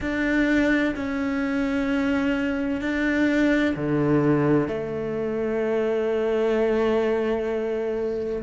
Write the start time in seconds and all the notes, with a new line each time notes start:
0.00 D4
0.95 C#4
2.81 D4
3.76 D3
4.67 A3